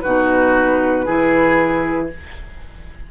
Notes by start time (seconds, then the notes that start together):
0.00 B2 D#4 F#4 B4
1.05 E3 E4 G#4